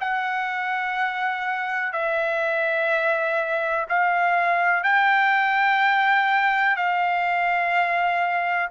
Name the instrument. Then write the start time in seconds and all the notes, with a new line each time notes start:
trumpet
0.00 F#5
1.92 E5
3.88 F5
4.83 G5
6.76 F5